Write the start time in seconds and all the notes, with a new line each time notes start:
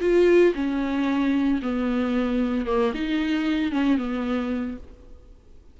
0.00 F4
0.54 C#4
1.62 B3
2.66 A#3
2.94 D#4
3.71 C#4
3.97 B3